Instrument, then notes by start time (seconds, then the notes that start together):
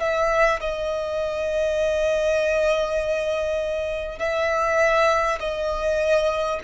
violin
0.00 E5
0.61 D#5
4.19 E5
5.40 D#5